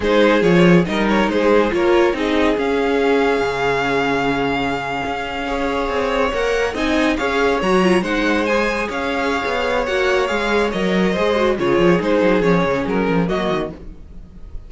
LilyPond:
<<
  \new Staff \with { instrumentName = "violin" } { \time 4/4 \tempo 4 = 140 c''4 cis''4 dis''8 cis''8 c''4 | cis''4 dis''4 f''2~ | f''1~ | f''2~ f''8. fis''4 gis''16~ |
gis''8. f''4 ais''4 fis''4 gis''16~ | gis''8. f''2~ f''16 fis''4 | f''4 dis''2 cis''4 | c''4 cis''4 ais'4 dis''4 | }
  \new Staff \with { instrumentName = "violin" } { \time 4/4 gis'2 ais'4 gis'4 | ais'4 gis'2.~ | gis'1~ | gis'8. cis''2. dis''16~ |
dis''8. cis''2 c''4~ c''16~ | c''8. cis''2.~ cis''16~ | cis''2 c''4 gis'4~ | gis'2. fis'4 | }
  \new Staff \with { instrumentName = "viola" } { \time 4/4 dis'4 f'4 dis'2 | f'4 dis'4 cis'2~ | cis'1~ | cis'8. gis'2 ais'4 dis'16~ |
dis'8. gis'4 fis'8 f'8 dis'4 gis'16~ | gis'2. fis'4 | gis'4 ais'4 gis'8 fis'8 f'4 | dis'4 cis'2 ais4 | }
  \new Staff \with { instrumentName = "cello" } { \time 4/4 gis4 f4 g4 gis4 | ais4 c'4 cis'2 | cis2.~ cis8. cis'16~ | cis'4.~ cis'16 c'4 ais4 c'16~ |
c'8. cis'4 fis4 gis4~ gis16~ | gis8. cis'4~ cis'16 b4 ais4 | gis4 fis4 gis4 cis8 f8 | gis8 fis8 f8 cis8 fis8 f8 fis8 dis8 | }
>>